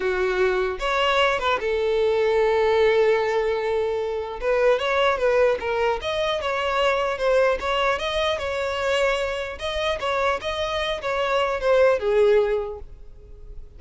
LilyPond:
\new Staff \with { instrumentName = "violin" } { \time 4/4 \tempo 4 = 150 fis'2 cis''4. b'8 | a'1~ | a'2. b'4 | cis''4 b'4 ais'4 dis''4 |
cis''2 c''4 cis''4 | dis''4 cis''2. | dis''4 cis''4 dis''4. cis''8~ | cis''4 c''4 gis'2 | }